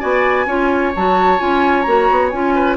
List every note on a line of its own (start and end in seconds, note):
0.00 0.46 B3
0.00 0.46 F#4
0.00 0.46 D5
0.00 0.93 G#5
0.46 0.92 C#4
0.46 0.94 F4
0.46 2.55 C#5
0.96 1.41 F#3
0.96 1.39 F#4
0.96 1.40 A5
1.39 1.87 C#4
1.39 1.85 F4
1.39 1.82 G#5
1.82 2.10 A#3
1.82 2.32 F#4
1.82 2.28 A#5
2.11 2.32 B3
2.30 2.77 C#4
2.30 2.77 F4
2.30 2.76 G#5
2.55 2.77 B4